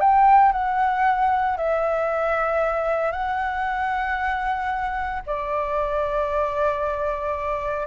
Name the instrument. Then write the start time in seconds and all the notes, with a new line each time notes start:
flute
0.00 G5
0.52 F#5
1.57 E5
3.11 F#5
5.26 D5